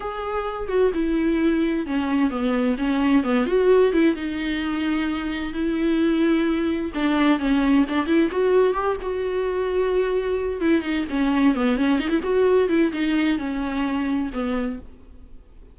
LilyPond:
\new Staff \with { instrumentName = "viola" } { \time 4/4 \tempo 4 = 130 gis'4. fis'8 e'2 | cis'4 b4 cis'4 b8 fis'8~ | fis'8 e'8 dis'2. | e'2. d'4 |
cis'4 d'8 e'8 fis'4 g'8 fis'8~ | fis'2. e'8 dis'8 | cis'4 b8 cis'8 dis'16 e'16 fis'4 e'8 | dis'4 cis'2 b4 | }